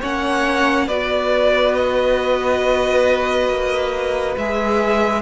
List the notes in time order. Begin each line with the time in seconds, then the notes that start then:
0.00 A#3 C#4 C#5 F#5
0.86 B3 F#4 B4 D5
1.74 D#5
3.49 A#3
4.36 G#3 G#4 E5